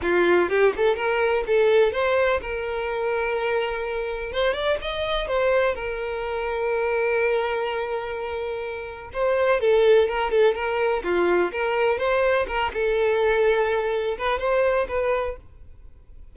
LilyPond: \new Staff \with { instrumentName = "violin" } { \time 4/4 \tempo 4 = 125 f'4 g'8 a'8 ais'4 a'4 | c''4 ais'2.~ | ais'4 c''8 d''8 dis''4 c''4 | ais'1~ |
ais'2. c''4 | a'4 ais'8 a'8 ais'4 f'4 | ais'4 c''4 ais'8 a'4.~ | a'4. b'8 c''4 b'4 | }